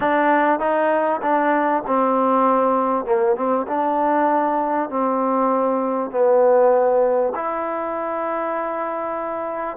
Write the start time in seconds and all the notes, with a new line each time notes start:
0.00 D4
0.59 D#4
1.21 D4
1.86 C4
3.05 A#3
3.36 C4
3.67 D4
4.89 C4
6.10 B3
7.35 E4